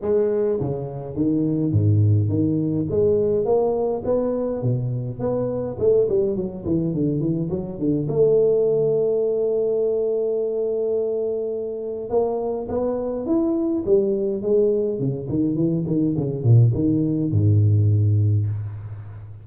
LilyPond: \new Staff \with { instrumentName = "tuba" } { \time 4/4 \tempo 4 = 104 gis4 cis4 dis4 gis,4 | dis4 gis4 ais4 b4 | b,4 b4 a8 g8 fis8 e8 | d8 e8 fis8 d8 a2~ |
a1~ | a4 ais4 b4 e'4 | g4 gis4 cis8 dis8 e8 dis8 | cis8 ais,8 dis4 gis,2 | }